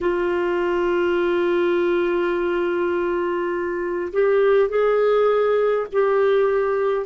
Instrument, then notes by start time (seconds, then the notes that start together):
clarinet
0.00 F4
4.12 G4
4.68 G#4
5.92 G4